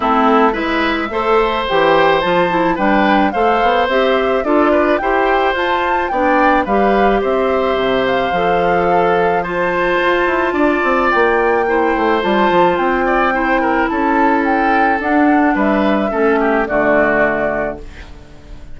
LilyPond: <<
  \new Staff \with { instrumentName = "flute" } { \time 4/4 \tempo 4 = 108 a'4 e''2 g''4 | a''4 g''4 f''4 e''4 | d''4 g''4 a''4 g''4 | f''4 e''4. f''4.~ |
f''4 a''2. | g''2 a''4 g''4~ | g''4 a''4 g''4 fis''4 | e''2 d''2 | }
  \new Staff \with { instrumentName = "oboe" } { \time 4/4 e'4 b'4 c''2~ | c''4 b'4 c''2 | a'8 b'8 c''2 d''4 | b'4 c''2. |
a'4 c''2 d''4~ | d''4 c''2~ c''8 d''8 | c''8 ais'8 a'2. | b'4 a'8 g'8 fis'2 | }
  \new Staff \with { instrumentName = "clarinet" } { \time 4/4 c'4 e'4 a'4 g'4 | f'8 e'8 d'4 a'4 g'4 | f'4 g'4 f'4 d'4 | g'2. a'4~ |
a'4 f'2.~ | f'4 e'4 f'2 | e'2. d'4~ | d'4 cis'4 a2 | }
  \new Staff \with { instrumentName = "bassoon" } { \time 4/4 a4 gis4 a4 e4 | f4 g4 a8 b8 c'4 | d'4 e'4 f'4 b4 | g4 c'4 c4 f4~ |
f2 f'8 e'8 d'8 c'8 | ais4. a8 g8 f8 c'4~ | c'4 cis'2 d'4 | g4 a4 d2 | }
>>